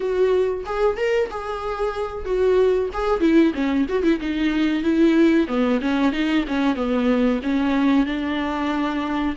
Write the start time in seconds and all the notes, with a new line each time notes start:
0.00 F#4
0.65 G#4
0.96 A#4
1.30 G#4
2.25 F#4
2.93 G#4
3.20 E4
3.54 C#4
3.89 F#4
4.03 E4
4.20 D#4
4.83 E4
5.47 B3
5.81 C#4
6.12 D#4
6.47 C#4
6.75 B3
7.43 C#4
8.06 D4